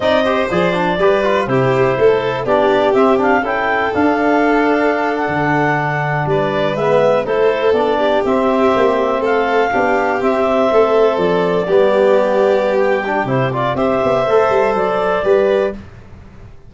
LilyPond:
<<
  \new Staff \with { instrumentName = "clarinet" } { \time 4/4 \tempo 4 = 122 dis''4 d''2 c''4~ | c''4 d''4 e''8 f''8 g''4 | f''2~ f''8 fis''4.~ | fis''8. d''4 e''4 c''4 d''16~ |
d''8. e''2 f''4~ f''16~ | f''8. e''2 d''4~ d''16~ | d''2 g''4 c''8 d''8 | e''2 d''2 | }
  \new Staff \with { instrumentName = "violin" } { \time 4/4 d''8 c''4. b'4 g'4 | a'4 g'2 a'4~ | a'1~ | a'8. b'2 a'4~ a'16~ |
a'16 g'2~ g'8 a'4 g'16~ | g'4.~ g'16 a'2 g'16~ | g'1 | c''2. b'4 | }
  \new Staff \with { instrumentName = "trombone" } { \time 4/4 dis'8 g'8 gis'8 d'8 g'8 f'8 e'4~ | e'4 d'4 c'8 d'8 e'4 | d'1~ | d'4.~ d'16 b4 e'4 d'16~ |
d'8. c'2. d'16~ | d'8. c'2. b16~ | b2~ b8 d'8 e'8 f'8 | g'4 a'2 g'4 | }
  \new Staff \with { instrumentName = "tuba" } { \time 4/4 c'4 f4 g4 c4 | a4 b4 c'4 cis'4 | d'2~ d'8. d4~ d16~ | d8. g4 gis4 a4 b16~ |
b8. c'4 ais4 a4 b16~ | b8. c'4 a4 f4 g16~ | g2. c4 | c'8 b8 a8 g8 fis4 g4 | }
>>